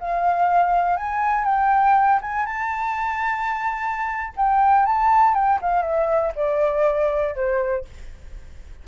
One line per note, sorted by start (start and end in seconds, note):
0.00 0.97 F5
0.97 1.45 G#5
1.45 2.20 G5
2.22 2.46 G#5
2.46 4.34 A5
4.36 4.86 G5
4.86 5.34 A5
5.34 5.59 G5
5.62 5.82 F5
5.82 6.32 E5
6.36 7.35 D5
7.35 7.85 C5